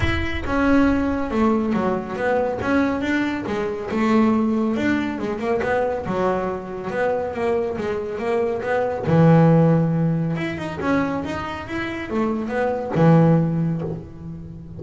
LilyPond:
\new Staff \with { instrumentName = "double bass" } { \time 4/4 \tempo 4 = 139 e'4 cis'2 a4 | fis4 b4 cis'4 d'4 | gis4 a2 d'4 | gis8 ais8 b4 fis2 |
b4 ais4 gis4 ais4 | b4 e2. | e'8 dis'8 cis'4 dis'4 e'4 | a4 b4 e2 | }